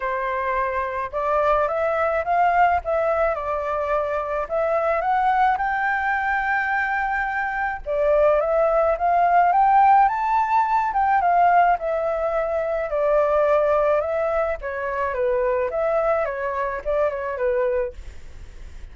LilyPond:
\new Staff \with { instrumentName = "flute" } { \time 4/4 \tempo 4 = 107 c''2 d''4 e''4 | f''4 e''4 d''2 | e''4 fis''4 g''2~ | g''2 d''4 e''4 |
f''4 g''4 a''4. g''8 | f''4 e''2 d''4~ | d''4 e''4 cis''4 b'4 | e''4 cis''4 d''8 cis''8 b'4 | }